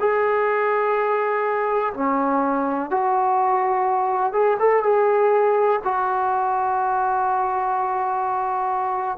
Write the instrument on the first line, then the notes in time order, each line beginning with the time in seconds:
trombone
0.00 G#4
1.94 C#4
2.91 F#4
4.33 G#4
4.60 A4
4.83 G#4
5.84 F#4